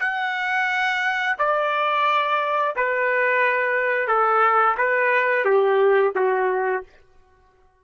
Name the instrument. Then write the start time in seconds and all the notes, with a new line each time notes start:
trumpet
0.00 F#5
1.39 D5
2.76 B4
4.08 A4
4.78 B4
5.45 G4
6.15 F#4